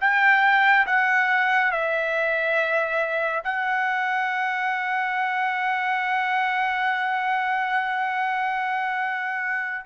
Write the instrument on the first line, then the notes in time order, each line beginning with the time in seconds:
trumpet
0.00 G5
0.86 F#5
1.71 E5
3.44 F#5